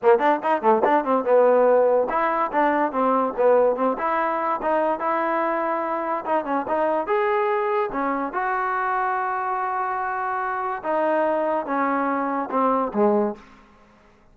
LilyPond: \new Staff \with { instrumentName = "trombone" } { \time 4/4 \tempo 4 = 144 ais8 d'8 dis'8 a8 d'8 c'8 b4~ | b4 e'4 d'4 c'4 | b4 c'8 e'4. dis'4 | e'2. dis'8 cis'8 |
dis'4 gis'2 cis'4 | fis'1~ | fis'2 dis'2 | cis'2 c'4 gis4 | }